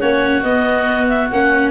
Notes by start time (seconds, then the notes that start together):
0.00 A#3 C#4 F#4 C#5
0.43 B3 D#5
1.09 E5
1.31 A#3 C#4 F#5